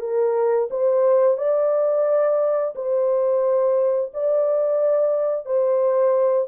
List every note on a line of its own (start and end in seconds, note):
0.00 0.68 A#4
0.70 1.37 C5
1.37 2.74 D5
2.75 4.11 C5
4.13 5.45 D5
5.45 6.48 C5